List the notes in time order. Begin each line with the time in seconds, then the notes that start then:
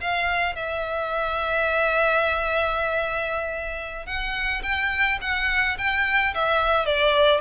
0.00 F5
0.55 E5
4.06 F#5
4.62 G5
5.21 F#5
5.78 G5
6.34 E5
6.85 D5